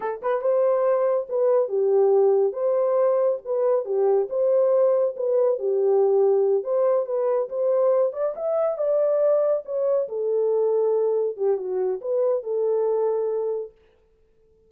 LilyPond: \new Staff \with { instrumentName = "horn" } { \time 4/4 \tempo 4 = 140 a'8 b'8 c''2 b'4 | g'2 c''2 | b'4 g'4 c''2 | b'4 g'2~ g'8 c''8~ |
c''8 b'4 c''4. d''8 e''8~ | e''8 d''2 cis''4 a'8~ | a'2~ a'8 g'8 fis'4 | b'4 a'2. | }